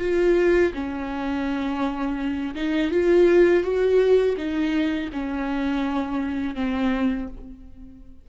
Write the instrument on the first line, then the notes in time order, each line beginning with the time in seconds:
viola
0.00 F4
0.74 C#4
2.55 D#4
2.91 F4
3.63 F#4
4.37 D#4
5.13 C#4
6.55 C4